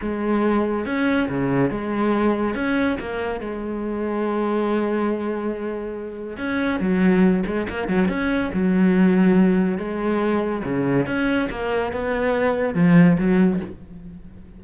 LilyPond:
\new Staff \with { instrumentName = "cello" } { \time 4/4 \tempo 4 = 141 gis2 cis'4 cis4 | gis2 cis'4 ais4 | gis1~ | gis2. cis'4 |
fis4. gis8 ais8 fis8 cis'4 | fis2. gis4~ | gis4 cis4 cis'4 ais4 | b2 f4 fis4 | }